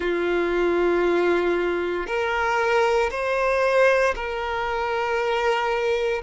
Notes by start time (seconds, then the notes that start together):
0.00 F4
2.06 A#4
3.10 C5
4.15 A#4